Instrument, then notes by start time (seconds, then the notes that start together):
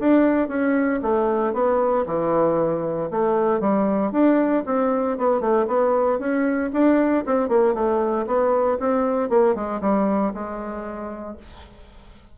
bassoon
0.00 D4
0.49 C#4
1.03 A3
1.54 B3
2.07 E3
3.11 A3
3.61 G3
4.12 D4
4.66 C4
5.18 B3
5.41 A3
5.68 B3
6.20 C#4
6.73 D4
7.26 C4
7.49 A#3
7.74 A3
8.27 B3
8.80 C4
9.30 A#3
9.55 G#3
9.82 G3
10.34 G#3